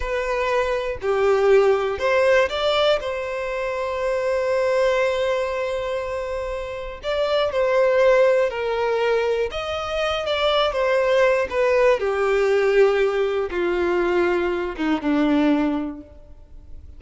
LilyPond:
\new Staff \with { instrumentName = "violin" } { \time 4/4 \tempo 4 = 120 b'2 g'2 | c''4 d''4 c''2~ | c''1~ | c''2 d''4 c''4~ |
c''4 ais'2 dis''4~ | dis''8 d''4 c''4. b'4 | g'2. f'4~ | f'4. dis'8 d'2 | }